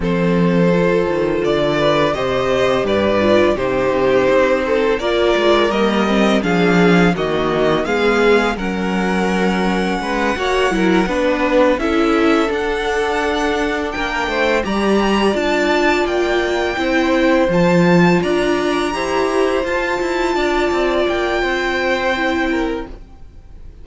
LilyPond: <<
  \new Staff \with { instrumentName = "violin" } { \time 4/4 \tempo 4 = 84 c''2 d''4 dis''4 | d''4 c''2 d''4 | dis''4 f''4 dis''4 f''4 | fis''1~ |
fis''8 e''4 fis''2 g''8~ | g''8 ais''4 a''4 g''4.~ | g''8 a''4 ais''2 a''8~ | a''4. g''2~ g''8 | }
  \new Staff \with { instrumentName = "violin" } { \time 4/4 a'2~ a'8 b'8 c''4 | b'4 g'4. a'8 ais'4~ | ais'4 gis'4 fis'4 gis'4 | ais'2 b'8 cis''8 ais'8 b'8~ |
b'8 a'2. ais'8 | c''8 d''2. c''8~ | c''4. d''4 c''4.~ | c''8 d''4. c''4. ais'8 | }
  \new Staff \with { instrumentName = "viola" } { \time 4/4 c'4 f'2 g'4~ | g'8 f'8 dis'2 f'4 | ais8 c'8 d'4 ais4 b4 | cis'2~ cis'8 fis'8 e'8 d'8~ |
d'8 e'4 d'2~ d'8~ | d'8 g'4 f'2 e'8~ | e'8 f'2 g'4 f'8~ | f'2. e'4 | }
  \new Staff \with { instrumentName = "cello" } { \time 4/4 f4. dis8 d4 c4 | g,4 c4 c'4 ais8 gis8 | g4 f4 dis4 gis4 | fis2 gis8 ais8 fis8 b8~ |
b8 cis'4 d'2 ais8 | a8 g4 d'4 ais4 c'8~ | c'8 f4 d'4 e'4 f'8 | e'8 d'8 c'8 ais8 c'2 | }
>>